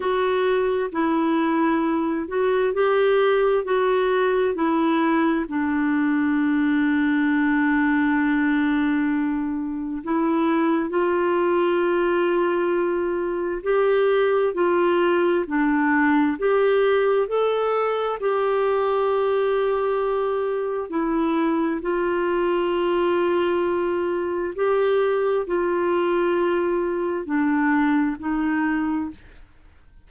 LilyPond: \new Staff \with { instrumentName = "clarinet" } { \time 4/4 \tempo 4 = 66 fis'4 e'4. fis'8 g'4 | fis'4 e'4 d'2~ | d'2. e'4 | f'2. g'4 |
f'4 d'4 g'4 a'4 | g'2. e'4 | f'2. g'4 | f'2 d'4 dis'4 | }